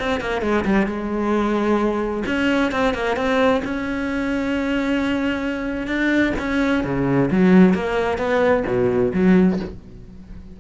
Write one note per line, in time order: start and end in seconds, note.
0.00 0.21 C4
0.21 0.42 A#3
0.42 0.65 G#3
0.65 0.87 G3
0.87 2.24 G#3
2.27 2.72 C#4
2.72 2.94 C4
2.94 3.17 A#3
3.17 3.63 C4
3.65 5.88 C#4
5.88 6.33 D4
6.39 6.85 C#4
6.85 7.30 C#3
7.31 7.75 F#3
7.75 8.18 A#3
8.18 8.64 B3
8.67 9.13 B2
9.14 9.60 F#3